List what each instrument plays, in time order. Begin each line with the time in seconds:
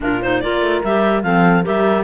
0.00 cello A#2, clarinet D4 A#4, horn F4
0.22 clarinet D#4 C5
0.40 cello A#3, clarinet F4 D5, horn A#4
0.61 cello A3
0.84 cello G3, clarinet G4 E5
1.22 cello F3, clarinet C4 F5, horn A4
1.63 cello G3, clarinet G4 E5, horn A#4